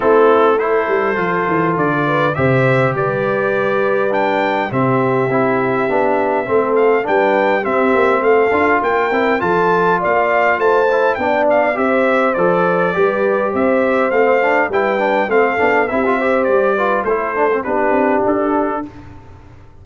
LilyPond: <<
  \new Staff \with { instrumentName = "trumpet" } { \time 4/4 \tempo 4 = 102 a'4 c''2 d''4 | e''4 d''2 g''4 | e''2.~ e''8 f''8 | g''4 e''4 f''4 g''4 |
a''4 f''4 a''4 g''8 f''8 | e''4 d''2 e''4 | f''4 g''4 f''4 e''4 | d''4 c''4 b'4 a'4 | }
  \new Staff \with { instrumentName = "horn" } { \time 4/4 e'4 a'2~ a'8 b'8 | c''4 b'2. | g'2. a'4 | b'4 g'4 a'4 ais'4 |
a'4 d''4 c''4 d''4 | c''2 b'4 c''4~ | c''4 b'4 a'4 g'8 c''8~ | c''8 b'8 a'4 g'2 | }
  \new Staff \with { instrumentName = "trombone" } { \time 4/4 c'4 e'4 f'2 | g'2. d'4 | c'4 e'4 d'4 c'4 | d'4 c'4. f'4 e'8 |
f'2~ f'8 e'8 d'4 | g'4 a'4 g'2 | c'8 d'8 e'8 d'8 c'8 d'8 e'16 f'16 g'8~ | g'8 f'8 e'8 d'16 c'16 d'2 | }
  \new Staff \with { instrumentName = "tuba" } { \time 4/4 a4. g8 f8 e8 d4 | c4 g2. | c4 c'4 b4 a4 | g4 c'8 ais8 a8 d'8 ais8 c'8 |
f4 ais4 a4 b4 | c'4 f4 g4 c'4 | a4 g4 a8 b8 c'4 | g4 a4 b8 c'8 d'4 | }
>>